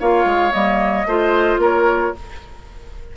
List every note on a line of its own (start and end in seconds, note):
0.00 0.25 A#3
0.00 0.51 F4
0.00 1.07 C#5
0.00 0.52 F5
0.25 0.52 G#3
0.51 1.06 G3
0.51 1.05 A#3
0.51 1.59 D#5
1.06 1.58 A3
1.06 2.15 F4
1.06 1.61 C5
1.58 2.11 A#3
1.58 2.15 A#4
1.58 2.17 C#5